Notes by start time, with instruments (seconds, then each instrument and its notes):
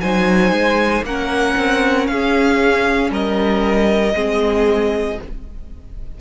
0.00 cello F#3, viola D#4, violin C5 G#5
0.51 cello G#3
1.02 cello A#3, viola C#4, violin A#4 F#5
1.57 cello C4
2.06 cello C#4, violin G#4 F5
3.10 cello G3, violin A#4 D#5
4.14 cello G#3, viola C4, violin G#4